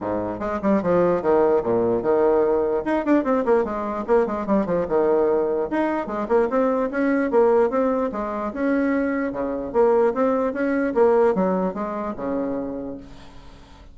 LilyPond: \new Staff \with { instrumentName = "bassoon" } { \time 4/4 \tempo 4 = 148 gis,4 gis8 g8 f4 dis4 | ais,4 dis2 dis'8 d'8 | c'8 ais8 gis4 ais8 gis8 g8 f8 | dis2 dis'4 gis8 ais8 |
c'4 cis'4 ais4 c'4 | gis4 cis'2 cis4 | ais4 c'4 cis'4 ais4 | fis4 gis4 cis2 | }